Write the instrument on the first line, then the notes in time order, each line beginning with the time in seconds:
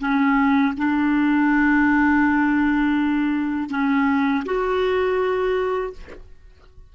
clarinet
0.00 C#4
0.77 D4
3.70 C#4
4.45 F#4